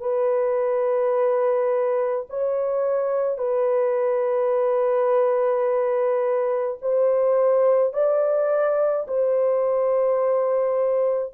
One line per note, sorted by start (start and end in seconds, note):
0.00 2.26 B4
2.29 3.38 C#5
3.38 6.77 B4
6.81 7.93 C5
7.93 9.06 D5
9.07 11.33 C5